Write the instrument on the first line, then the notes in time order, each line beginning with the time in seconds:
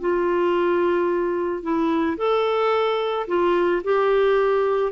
clarinet
0.00 F4
1.62 E4
2.17 A4
3.27 F4
3.83 G4